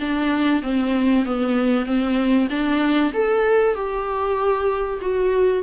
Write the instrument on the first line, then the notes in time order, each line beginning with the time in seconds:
viola
0.00 D4
0.62 C4
1.25 B3
1.86 C4
2.50 D4
3.13 A4
3.74 G4
5.01 F#4